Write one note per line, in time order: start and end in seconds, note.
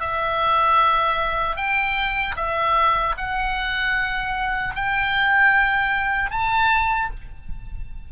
0.00 1.56 E5
1.56 2.35 G5
2.36 3.15 E5
3.17 4.75 F#5
4.75 6.31 G5
6.31 7.10 A5